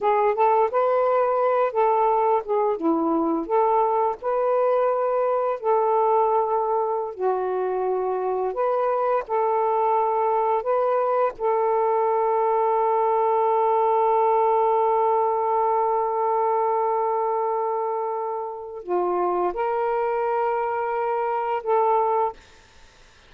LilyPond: \new Staff \with { instrumentName = "saxophone" } { \time 4/4 \tempo 4 = 86 gis'8 a'8 b'4. a'4 gis'8 | e'4 a'4 b'2 | a'2~ a'16 fis'4.~ fis'16~ | fis'16 b'4 a'2 b'8.~ |
b'16 a'2.~ a'8.~ | a'1~ | a'2. f'4 | ais'2. a'4 | }